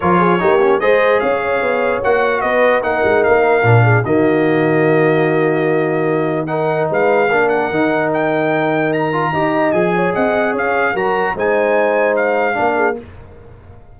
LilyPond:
<<
  \new Staff \with { instrumentName = "trumpet" } { \time 4/4 \tempo 4 = 148 cis''2 dis''4 f''4~ | f''4 fis''4 dis''4 fis''4 | f''2 dis''2~ | dis''1 |
fis''4 f''4. fis''4. | g''2 ais''2 | gis''4 fis''4 f''4 ais''4 | gis''2 f''2 | }
  \new Staff \with { instrumentName = "horn" } { \time 4/4 ais'8 gis'8 g'4 c''4 cis''4~ | cis''2 b'4 ais'4~ | ais'4. gis'8 fis'2~ | fis'1 |
ais'4 b'4 ais'2~ | ais'2. dis''4~ | dis''8 cis''8 dis''4 cis''4 ais'4 | c''2. ais'8 gis'8 | }
  \new Staff \with { instrumentName = "trombone" } { \time 4/4 f'4 dis'8 cis'8 gis'2~ | gis'4 fis'2 dis'4~ | dis'4 d'4 ais2~ | ais1 |
dis'2 d'4 dis'4~ | dis'2~ dis'8 f'8 g'4 | gis'2. fis'4 | dis'2. d'4 | }
  \new Staff \with { instrumentName = "tuba" } { \time 4/4 f4 ais4 gis4 cis'4 | b4 ais4 b4 ais8 gis8 | ais4 ais,4 dis2~ | dis1~ |
dis4 gis4 ais4 dis4~ | dis2. dis'4 | f4 c'4 cis'4 fis4 | gis2. ais4 | }
>>